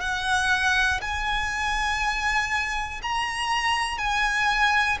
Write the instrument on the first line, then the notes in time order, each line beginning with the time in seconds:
violin
0.00 F#5
1.01 G#5
3.02 A#5
3.98 G#5